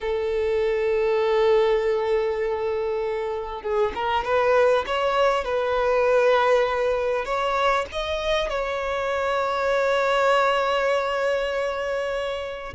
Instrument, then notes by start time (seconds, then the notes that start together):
violin
0.01 A4
3.62 G#4
3.94 A#4
4.24 B4
4.86 C#5
5.44 B4
7.25 C#5
7.91 D#5
8.49 C#5